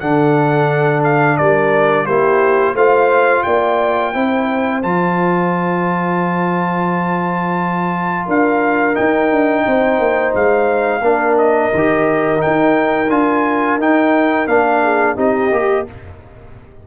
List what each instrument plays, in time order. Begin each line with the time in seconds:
0.00 tuba D3, trombone D4, horn A4, trumpet F#5
1.04 trumpet F5
1.37 tuba G3, horn A#4, trumpet D5
2.06 tuba A#3, trombone E4, horn G4, trumpet C5
2.74 tuba A3, trombone F4, horn C5, trumpet F5
3.44 tuba A#3, horn D5, trumpet G5
4.14 tuba C4, trombone E4, horn C5
4.83 tuba F3, trombone F4, trumpet A5
8.26 tuba D4, horn A#4, trumpet F5
8.95 trombone D#4, tuba D#4, trumpet G5
9.31 tuba D4
9.67 tuba C4, horn C5
10.00 tuba A#3
10.35 tuba G#3, trumpet F5
11.01 tuba A#3, trombone D4, horn A#4
11.38 trumpet D#5
11.75 tuba D#3, trombone G4
12.38 trombone D#4, trumpet G5
12.47 tuba D#4
13.09 tuba D4, trombone F4, trumpet G#5
13.78 tuba D#4, trombone D#4, trumpet G5
14.48 tuba A#3, trombone D4, trumpet F5
14.82 horn G#4
15.16 tuba C4, trombone D#4, horn G4, trumpet D#5
15.52 tuba A#3, trombone G4